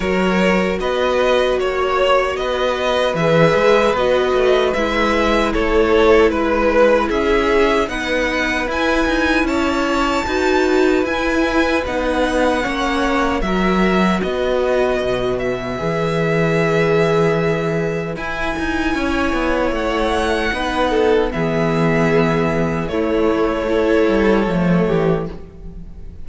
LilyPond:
<<
  \new Staff \with { instrumentName = "violin" } { \time 4/4 \tempo 4 = 76 cis''4 dis''4 cis''4 dis''4 | e''4 dis''4 e''4 cis''4 | b'4 e''4 fis''4 gis''4 | a''2 gis''4 fis''4~ |
fis''4 e''4 dis''4. e''8~ | e''2. gis''4~ | gis''4 fis''2 e''4~ | e''4 cis''2. | }
  \new Staff \with { instrumentName = "violin" } { \time 4/4 ais'4 b'4 cis''4 b'4~ | b'2. a'4 | b'4 gis'4 b'2 | cis''4 b'2. |
cis''4 ais'4 b'2~ | b'1 | cis''2 b'8 a'8 gis'4~ | gis'4 e'4 a'4. g'8 | }
  \new Staff \with { instrumentName = "viola" } { \time 4/4 fis'1 | gis'4 fis'4 e'2~ | e'2 dis'4 e'4~ | e'4 fis'4 e'4 dis'4 |
cis'4 fis'2. | gis'2. e'4~ | e'2 dis'4 b4~ | b4 a4 e'4 a4 | }
  \new Staff \with { instrumentName = "cello" } { \time 4/4 fis4 b4 ais4 b4 | e8 gis8 b8 a8 gis4 a4 | gis4 cis'4 b4 e'8 dis'8 | cis'4 dis'4 e'4 b4 |
ais4 fis4 b4 b,4 | e2. e'8 dis'8 | cis'8 b8 a4 b4 e4~ | e4 a4. g8 f8 e8 | }
>>